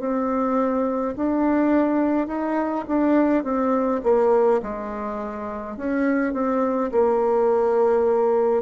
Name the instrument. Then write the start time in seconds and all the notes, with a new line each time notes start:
bassoon
0.00 C4
1.16 D4
2.28 D#4
2.88 D4
3.44 C4
4.04 A#3
4.63 G#3
5.77 C#4
6.34 C4
6.92 A#3